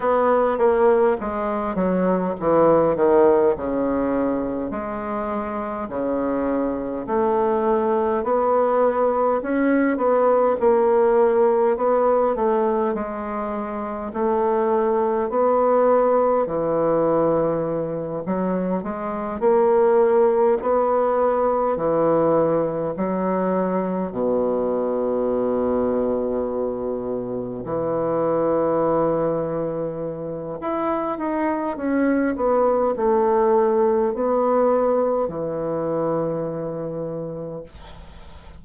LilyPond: \new Staff \with { instrumentName = "bassoon" } { \time 4/4 \tempo 4 = 51 b8 ais8 gis8 fis8 e8 dis8 cis4 | gis4 cis4 a4 b4 | cis'8 b8 ais4 b8 a8 gis4 | a4 b4 e4. fis8 |
gis8 ais4 b4 e4 fis8~ | fis8 b,2. e8~ | e2 e'8 dis'8 cis'8 b8 | a4 b4 e2 | }